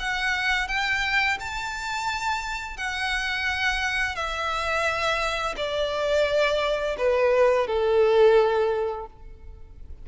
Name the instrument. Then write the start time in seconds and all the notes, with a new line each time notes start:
violin
0.00 F#5
0.68 G5
1.40 A5
2.77 F#5
4.16 E5
5.57 D5
6.98 B4
7.67 A4